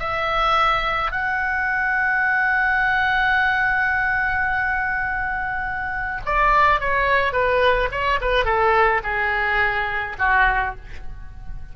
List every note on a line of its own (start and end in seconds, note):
0.00 1.12 E5
1.12 6.21 F#5
6.26 6.81 D5
6.81 7.33 C#5
7.33 7.90 B4
7.92 8.20 C#5
8.22 8.45 B4
8.45 9.02 A4
9.04 10.17 G#4
10.19 10.76 F#4